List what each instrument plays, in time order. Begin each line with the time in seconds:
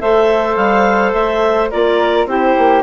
0.00 bassoon A3, clarinet A4 E5, flute C5
0.56 bassoon G3, clarinet F5
1.13 bassoon A3, clarinet E5
1.71 bassoon A#3, clarinet F4 D5, flute A#4
2.26 bassoon C4, clarinet E4 C5, flute G4
2.58 bassoon A#3